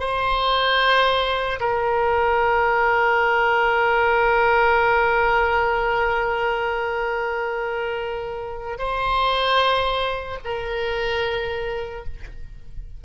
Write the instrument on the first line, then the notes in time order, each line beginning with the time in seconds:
oboe
0.00 C5
1.60 A#4
8.79 C5
10.44 A#4